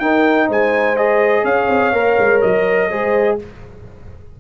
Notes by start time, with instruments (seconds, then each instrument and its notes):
0.00 trombone D#4, tuba D#4, horn A#4, trumpet G5
0.47 tuba G#3, horn C5, trumpet G#5
0.96 trombone G#4, trumpet D#5
1.44 tuba C#4, horn C#5, trumpet F5
1.68 tuba C4
1.92 tuba A#3, trombone A#4
2.19 tuba G#3
2.42 tuba F#3, trumpet D#5
2.89 tuba G#3, trombone G#4, horn C5